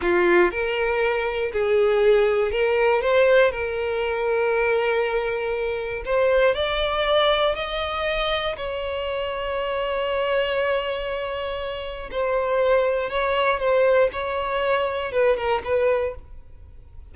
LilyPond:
\new Staff \with { instrumentName = "violin" } { \time 4/4 \tempo 4 = 119 f'4 ais'2 gis'4~ | gis'4 ais'4 c''4 ais'4~ | ais'1 | c''4 d''2 dis''4~ |
dis''4 cis''2.~ | cis''1 | c''2 cis''4 c''4 | cis''2 b'8 ais'8 b'4 | }